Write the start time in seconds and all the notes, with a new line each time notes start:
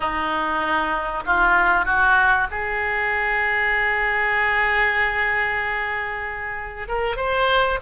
0.00 D#4
1.26 F4
1.85 F#4
2.51 G#4
6.88 A#4
7.16 C5